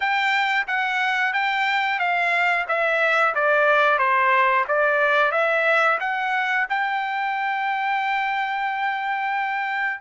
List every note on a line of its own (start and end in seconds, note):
0.00 0.66 G5
0.67 1.33 F#5
1.33 1.99 G5
1.99 2.65 F5
2.68 3.34 E5
3.34 3.98 D5
3.98 4.65 C5
4.68 5.31 D5
5.31 5.98 E5
6.00 6.66 F#5
6.69 10.01 G5